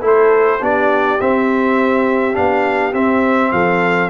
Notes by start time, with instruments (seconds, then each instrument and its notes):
0.00 tuba A3, trombone E4, horn A4, trumpet C5
0.60 tuba B3, trombone D4, horn G4, trumpet D5
1.20 trombone C4, tuba C4, trumpet E5
2.33 tuba B3, trombone D4, trumpet F5
2.93 tuba C4, trombone C4, trumpet E5
3.51 tuba F3, horn A4, trumpet F5